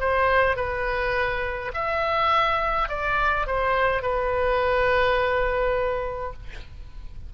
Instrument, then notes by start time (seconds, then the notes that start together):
oboe
0.00 C5
0.57 B4
1.74 E5
2.89 D5
3.47 C5
4.03 B4